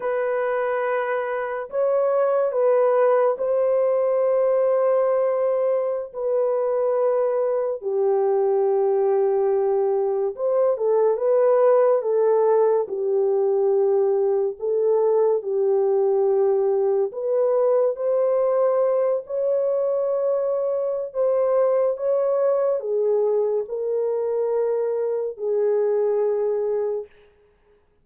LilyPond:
\new Staff \with { instrumentName = "horn" } { \time 4/4 \tempo 4 = 71 b'2 cis''4 b'4 | c''2.~ c''16 b'8.~ | b'4~ b'16 g'2~ g'8.~ | g'16 c''8 a'8 b'4 a'4 g'8.~ |
g'4~ g'16 a'4 g'4.~ g'16~ | g'16 b'4 c''4. cis''4~ cis''16~ | cis''4 c''4 cis''4 gis'4 | ais'2 gis'2 | }